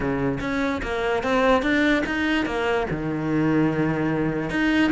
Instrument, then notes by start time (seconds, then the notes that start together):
cello
0.00 C#3
0.40 C#4
0.82 A#3
1.23 C4
1.62 D4
2.05 D#4
2.45 A#3
2.90 D#3
4.50 D#4